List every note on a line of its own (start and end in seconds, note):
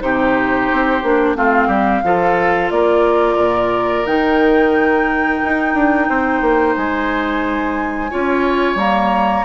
0.00 0.69 C3
0.00 1.01 D#4
0.00 1.37 G4
0.00 1.36 C5
0.72 1.03 C4
1.03 1.35 A#3
1.03 1.36 D4
1.35 1.68 A3
1.35 2.03 C4
1.35 1.68 F4
1.35 2.71 F5
1.68 2.02 G3
1.68 2.01 G4
2.04 2.71 F3
2.04 4.06 F4
2.04 2.73 A4
2.71 3.37 A#3
2.71 6.09 A#4
2.71 4.06 D5
3.37 4.04 A#2
4.06 5.41 D#3
4.06 8.10 D#4
4.06 6.76 G5
5.44 5.74 D#4
5.74 6.08 D4
6.09 6.41 C4
6.09 8.11 C5
6.41 6.75 A#3
6.76 8.12 G#3
6.76 8.78 G#5
8.11 8.75 C#4
8.11 8.78 F4
8.11 9.45 C#5
8.75 9.42 G3
8.75 9.45 A#3
8.75 9.45 A#5